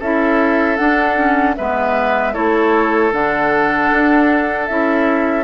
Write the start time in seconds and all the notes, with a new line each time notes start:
0.00 C#4 E4 A4 E5
0.77 D4 F#5
1.17 C#4
1.56 G#3 B3 B4 E5
2.34 A3 E4 A4 C#5
3.13 D3 D4 F#5
3.92 D4
4.67 C#4 E4 E5